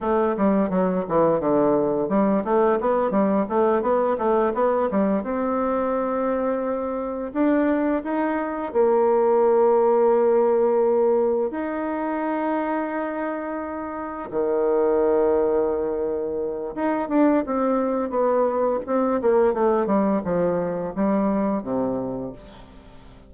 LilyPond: \new Staff \with { instrumentName = "bassoon" } { \time 4/4 \tempo 4 = 86 a8 g8 fis8 e8 d4 g8 a8 | b8 g8 a8 b8 a8 b8 g8 c'8~ | c'2~ c'8 d'4 dis'8~ | dis'8 ais2.~ ais8~ |
ais8 dis'2.~ dis'8~ | dis'8 dis2.~ dis8 | dis'8 d'8 c'4 b4 c'8 ais8 | a8 g8 f4 g4 c4 | }